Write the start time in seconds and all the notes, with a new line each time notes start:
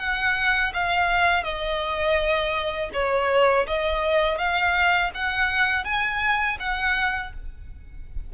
0.00 F#5
0.74 F5
1.44 D#5
2.94 C#5
3.68 D#5
4.38 F5
5.15 F#5
5.85 G#5
6.60 F#5